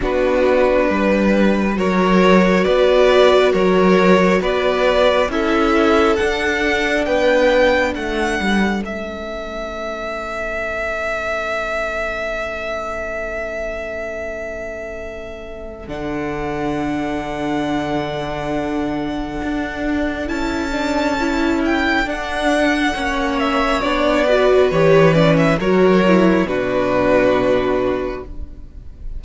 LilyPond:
<<
  \new Staff \with { instrumentName = "violin" } { \time 4/4 \tempo 4 = 68 b'2 cis''4 d''4 | cis''4 d''4 e''4 fis''4 | g''4 fis''4 e''2~ | e''1~ |
e''2 fis''2~ | fis''2. a''4~ | a''8 g''8 fis''4. e''8 d''4 | cis''8 d''16 e''16 cis''4 b'2 | }
  \new Staff \with { instrumentName = "violin" } { \time 4/4 fis'4 b'4 ais'4 b'4 | ais'4 b'4 a'2 | b'4 a'2.~ | a'1~ |
a'1~ | a'1~ | a'2 cis''4. b'8~ | b'4 ais'4 fis'2 | }
  \new Staff \with { instrumentName = "viola" } { \time 4/4 d'2 fis'2~ | fis'2 e'4 d'4~ | d'2 cis'2~ | cis'1~ |
cis'2 d'2~ | d'2. e'8 d'8 | e'4 d'4 cis'4 d'8 fis'8 | g'8 cis'8 fis'8 e'8 d'2 | }
  \new Staff \with { instrumentName = "cello" } { \time 4/4 b4 g4 fis4 b4 | fis4 b4 cis'4 d'4 | b4 a8 g8 a2~ | a1~ |
a2 d2~ | d2 d'4 cis'4~ | cis'4 d'4 ais4 b4 | e4 fis4 b,2 | }
>>